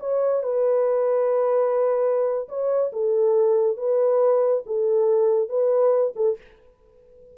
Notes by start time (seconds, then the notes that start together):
0.00 C#5
0.43 B4
2.49 C#5
2.93 A4
3.77 B4
4.67 A4
5.49 B4
6.16 A4